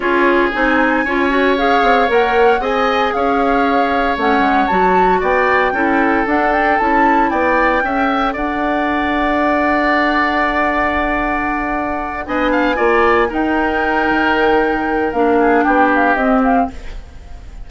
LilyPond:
<<
  \new Staff \with { instrumentName = "flute" } { \time 4/4 \tempo 4 = 115 cis''4 gis''2 f''4 | fis''4 gis''4 f''2 | fis''4 a''4 g''2 | fis''8 g''8 a''4 g''2 |
fis''1~ | fis''2.~ fis''8 gis''8~ | gis''4. g''2~ g''8~ | g''4 f''4 g''8 f''8 dis''8 f''8 | }
  \new Staff \with { instrumentName = "oboe" } { \time 4/4 gis'2 cis''2~ | cis''4 dis''4 cis''2~ | cis''2 d''4 a'4~ | a'2 d''4 e''4 |
d''1~ | d''2.~ d''8 dis''8 | f''8 d''4 ais'2~ ais'8~ | ais'4. gis'8 g'2 | }
  \new Staff \with { instrumentName = "clarinet" } { \time 4/4 f'4 dis'4 f'8 fis'8 gis'4 | ais'4 gis'2. | cis'4 fis'2 e'4 | d'4 e'2 a'4~ |
a'1~ | a'2.~ a'8 d'8~ | d'8 f'4 dis'2~ dis'8~ | dis'4 d'2 c'4 | }
  \new Staff \with { instrumentName = "bassoon" } { \time 4/4 cis'4 c'4 cis'4. c'8 | ais4 c'4 cis'2 | a8 gis8 fis4 b4 cis'4 | d'4 cis'4 b4 cis'4 |
d'1~ | d'2.~ d'8 b8~ | b8 ais4 dis'4. dis4~ | dis4 ais4 b4 c'4 | }
>>